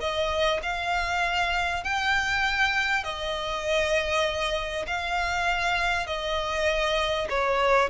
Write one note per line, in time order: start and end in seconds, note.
0.00 0.61 D#5
0.62 1.83 F5
1.84 3.04 G5
3.04 4.85 D#5
4.87 6.06 F5
6.06 7.28 D#5
7.29 7.90 C#5